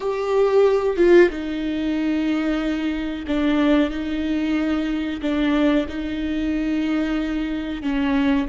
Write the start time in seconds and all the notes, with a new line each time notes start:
0.00 G4
0.96 F4
1.30 D#4
3.27 D4
3.90 D#4
5.21 D4
5.88 D#4
7.82 C#4